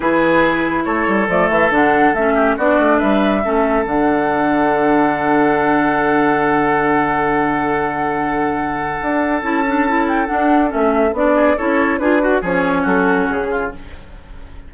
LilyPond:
<<
  \new Staff \with { instrumentName = "flute" } { \time 4/4 \tempo 4 = 140 b'2 cis''4 d''8 e''8 | fis''4 e''4 d''4 e''4~ | e''4 fis''2.~ | fis''1~ |
fis''1~ | fis''2 a''4. g''8 | fis''4 e''4 d''4 cis''4 | b'4 cis''4 a'4 gis'4 | }
  \new Staff \with { instrumentName = "oboe" } { \time 4/4 gis'2 a'2~ | a'4. g'8 fis'4 b'4 | a'1~ | a'1~ |
a'1~ | a'1~ | a'2~ a'8 gis'8 a'4 | gis'8 fis'8 gis'4 fis'4. f'8 | }
  \new Staff \with { instrumentName = "clarinet" } { \time 4/4 e'2. a4 | d'4 cis'4 d'2 | cis'4 d'2.~ | d'1~ |
d'1~ | d'2 e'8 d'8 e'4 | d'4 cis'4 d'4 e'4 | f'8 fis'8 cis'2. | }
  \new Staff \with { instrumentName = "bassoon" } { \time 4/4 e2 a8 g8 f8 e8 | d4 a4 b8 a8 g4 | a4 d2.~ | d1~ |
d1~ | d4 d'4 cis'2 | d'4 a4 b4 cis'4 | d'4 f4 fis4 cis4 | }
>>